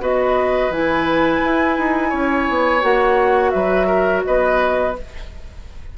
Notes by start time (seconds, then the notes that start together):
0.00 B3 F#4 B4 D#5
0.69 E3 E4 G#5
1.43 E4
1.78 D#4
2.09 C#4 C#5
2.49 B3
2.81 A#3 F#4 F#5
3.50 F#3 B4 E5
3.87 A#4
4.25 B3 B4 D#5